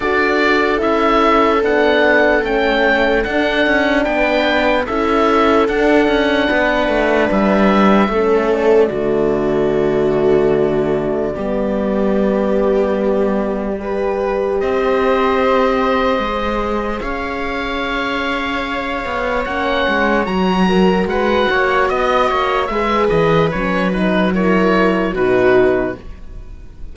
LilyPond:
<<
  \new Staff \with { instrumentName = "oboe" } { \time 4/4 \tempo 4 = 74 d''4 e''4 fis''4 g''4 | fis''4 g''4 e''4 fis''4~ | fis''4 e''4. d''4.~ | d''1~ |
d''2 dis''2~ | dis''4 f''2. | fis''4 ais''4 fis''4 dis''4 | e''8 dis''8 cis''8 b'8 cis''4 b'4 | }
  \new Staff \with { instrumentName = "viola" } { \time 4/4 a'1~ | a'4 b'4 a'2 | b'2 a'4 fis'4~ | fis'2 g'2~ |
g'4 b'4 c''2~ | c''4 cis''2.~ | cis''4. ais'8 b'8 cis''8 dis''8 cis''8 | b'2 ais'4 fis'4 | }
  \new Staff \with { instrumentName = "horn" } { \time 4/4 fis'4 e'4 d'4 cis'4 | d'2 e'4 d'4~ | d'2 cis'4 a4~ | a2 b2~ |
b4 g'2. | gis'1 | cis'4 fis'2. | gis'4 cis'8 dis'8 e'4 dis'4 | }
  \new Staff \with { instrumentName = "cello" } { \time 4/4 d'4 cis'4 b4 a4 | d'8 cis'8 b4 cis'4 d'8 cis'8 | b8 a8 g4 a4 d4~ | d2 g2~ |
g2 c'2 | gis4 cis'2~ cis'8 b8 | ais8 gis8 fis4 gis8 ais8 b8 ais8 | gis8 e8 fis2 b,4 | }
>>